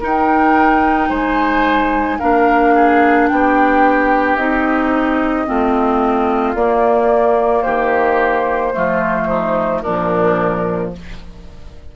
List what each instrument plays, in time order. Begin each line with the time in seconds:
0.00 clarinet D#4, bassoon D#4, oboe A#4, flute G5
1.09 bassoon G#3, oboe C5, flute G#5
2.19 bassoon A#3, clarinet D4, oboe A#4, flute F5
2.75 oboe G#4
3.27 bassoon B3, oboe G4, flute G5
4.36 bassoon C4, clarinet D#4, flute D#5
5.46 bassoon A3, clarinet C4, oboe F4
6.55 bassoon A#3, clarinet A#3, flute D5
7.62 bassoon D#3, oboe G4, flute C5
8.74 bassoon F3, clarinet A3, oboe F4
9.28 oboe D#4
9.82 bassoon A#2, clarinet F3, oboe D4, flute A#4